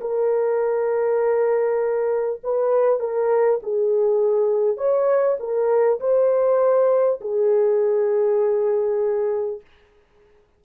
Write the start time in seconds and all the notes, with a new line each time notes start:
0.00 A#4
2.43 B4
2.99 A#4
3.63 G#4
4.77 C#5
5.39 A#4
6.00 C5
7.21 G#4